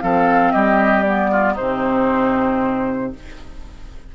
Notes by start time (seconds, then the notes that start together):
0.00 F3 C4 A4 F5
0.52 G3 G4 D#5
1.03 B3 D5
1.32 F4
1.53 C3 C4 D#4 C5